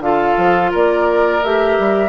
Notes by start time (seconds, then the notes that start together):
0.00 D3 F4 A4 F5
0.37 F3
0.71 A#3 A#4 D5
1.43 A3 G4 E5
1.79 G3